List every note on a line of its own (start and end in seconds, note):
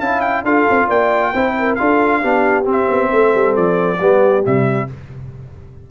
0.00 0.44 C#4
0.00 0.45 E4
0.00 0.45 F5
0.00 0.21 A5
0.21 0.43 G5
0.44 0.66 D4
0.44 1.34 F4
0.44 0.87 A4
0.44 0.89 F5
0.69 0.89 C4
0.87 1.33 A#3
0.87 1.32 D5
0.87 1.75 G5
1.33 1.79 C4
1.33 1.78 E4
1.33 1.55 C5
1.58 1.80 A#4
1.75 2.23 D4
1.75 2.22 F4
1.75 2.20 A4
1.75 2.64 F5
2.20 2.65 B3
2.20 2.64 D4
2.20 3.09 G4
2.64 3.97 C4
2.64 2.88 C4
2.72 3.56 E5
2.89 3.11 B3
3.10 3.34 A3
3.10 3.99 A4
3.34 3.57 G3
3.56 4.00 F3
3.56 4.45 D5
3.99 4.45 G3
3.99 4.42 B3
3.99 4.88 G4
4.42 4.91 C3
4.42 4.87 G3
4.42 4.90 E5